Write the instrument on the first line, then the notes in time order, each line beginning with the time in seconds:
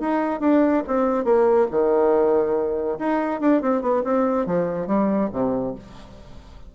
bassoon
0.00 D#4
0.40 D4
0.87 C4
1.24 A#3
1.71 D#3
2.99 D#4
3.40 D4
3.61 C4
3.82 B3
4.04 C4
4.46 F3
4.87 G3
5.32 C3